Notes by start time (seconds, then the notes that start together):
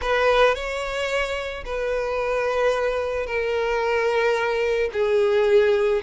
0.01 B4
0.54 C#5
1.65 B4
3.26 A#4
4.92 G#4